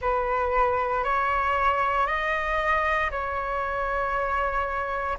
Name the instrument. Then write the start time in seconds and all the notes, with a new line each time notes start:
flute
0.01 B4
1.03 C#5
2.06 D#5
3.10 C#5